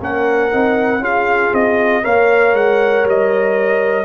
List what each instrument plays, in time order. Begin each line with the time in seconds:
0.00 tuba A#3, trombone C#4, horn A#4, trumpet F#5
0.52 tuba C4, trombone D#4
0.99 tuba C#4, trombone F4, horn G#4, trumpet F5
1.53 tuba C4, trumpet D#5
2.03 tuba A#3, trombone A#4, horn C#5, trumpet F5
2.53 tuba G#3, trumpet F#5
3.04 tuba G3, trumpet D#5